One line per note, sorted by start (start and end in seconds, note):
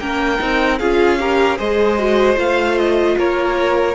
0.00 0.39 A#3
0.00 0.39 C#4
0.00 0.79 A#4
0.00 0.79 G5
0.39 0.80 C4
0.39 0.78 D#4
0.79 1.59 C#4
0.79 1.20 F4
0.79 1.19 G#4
0.79 1.58 F5
1.20 1.58 G4
1.20 1.58 A#4
1.58 2.37 G#3
1.58 1.98 G#4
1.58 3.16 C5
1.58 2.38 D#5
1.99 2.36 F#4
2.36 3.15 A3
2.36 3.94 F4
2.36 2.78 F5
2.78 3.18 D#5
3.18 3.95 A#3
3.18 3.95 A#4
3.18 3.95 C#5